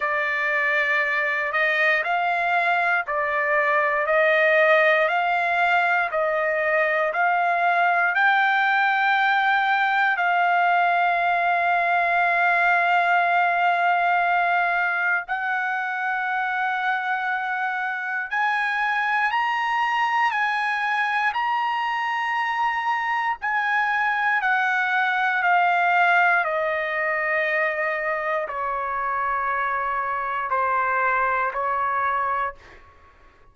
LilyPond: \new Staff \with { instrumentName = "trumpet" } { \time 4/4 \tempo 4 = 59 d''4. dis''8 f''4 d''4 | dis''4 f''4 dis''4 f''4 | g''2 f''2~ | f''2. fis''4~ |
fis''2 gis''4 ais''4 | gis''4 ais''2 gis''4 | fis''4 f''4 dis''2 | cis''2 c''4 cis''4 | }